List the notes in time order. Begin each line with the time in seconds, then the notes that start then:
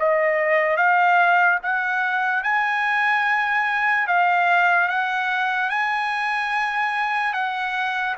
0.00 D#5
0.77 F5
1.63 F#5
2.44 G#5
4.08 F5
4.89 F#5
5.70 G#5
7.34 F#5